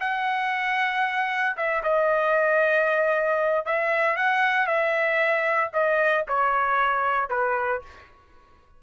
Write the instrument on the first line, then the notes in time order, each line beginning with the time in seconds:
trumpet
0.00 F#5
1.57 E5
1.83 D#5
3.66 E5
4.16 F#5
4.66 E5
5.73 D#5
6.28 C#5
7.30 B4